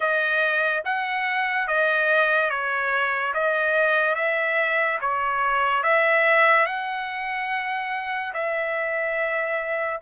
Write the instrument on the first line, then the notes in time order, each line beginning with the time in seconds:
trumpet
0.00 D#5
0.84 F#5
1.67 D#5
2.50 C#5
3.34 D#5
4.15 E5
5.00 C#5
5.83 E5
6.66 F#5
8.33 E5